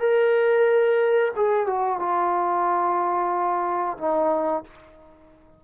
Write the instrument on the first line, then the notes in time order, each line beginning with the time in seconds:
trombone
0.00 A#4
1.36 G#4
1.67 F#4
2.00 F4
3.98 D#4